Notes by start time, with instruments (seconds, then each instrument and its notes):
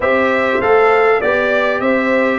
0.00 tuba C4, trombone G4, horn C5, trumpet E5
0.60 tuba A3, trombone A4, trumpet F5
1.20 tuba B3, trombone G4, horn D5, trumpet D5
1.80 tuba C4, horn C5, trumpet E5